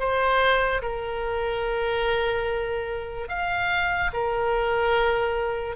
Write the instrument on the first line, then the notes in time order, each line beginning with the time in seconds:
oboe
0.00 C5
0.83 A#4
3.29 F5
4.14 A#4